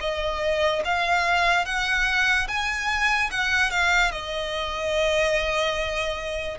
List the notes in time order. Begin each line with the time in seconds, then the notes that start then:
0.00 D#5
0.84 F5
1.65 F#5
2.48 G#5
3.31 F#5
3.71 F5
4.11 D#5